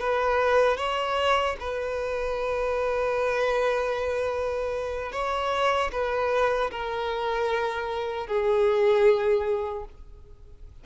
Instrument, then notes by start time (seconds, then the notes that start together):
violin
0.00 B4
0.78 C#5
1.60 B4
5.12 C#5
5.92 B4
6.71 A#4
8.27 G#4